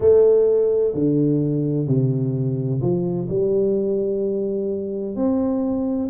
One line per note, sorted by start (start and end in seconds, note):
0.00 0.94 A3
0.94 1.87 D3
1.87 2.80 C3
2.81 3.28 F3
3.29 5.15 G3
5.15 6.09 C4